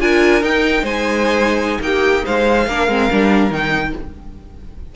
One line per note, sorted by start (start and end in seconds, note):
0.00 0.43 D4
0.00 0.41 F4
0.00 0.83 A#4
0.00 0.43 G#5
0.41 2.65 D#4
0.41 0.83 D#4
0.41 0.85 G5
0.83 1.79 G#3
0.83 1.78 C5
0.83 1.81 G#5
1.80 2.23 A#3
1.80 2.25 G4
1.80 2.25 G5
2.25 2.67 G#3
2.25 2.68 C5
2.25 3.53 F5
2.67 2.88 A#3
2.67 2.89 D4
2.67 3.96 A#4
2.88 3.09 G#3
2.88 3.10 C4
3.10 3.50 G3
3.10 3.51 D4
3.50 3.93 D#3
3.50 3.93 D#4
3.50 3.95 G5